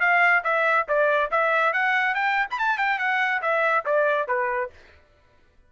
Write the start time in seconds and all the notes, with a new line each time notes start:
0.00 F5
0.43 E5
0.88 D5
1.31 E5
1.73 F#5
2.14 G5
2.50 B5
2.58 A5
2.77 G5
2.98 F#5
3.41 E5
3.85 D5
4.27 B4